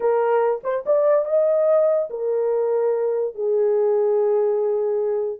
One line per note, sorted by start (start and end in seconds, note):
0.00 0.61 A#4
0.63 0.84 C5
0.86 1.25 D5
1.25 2.08 D#5
2.10 3.34 A#4
3.34 5.39 G#4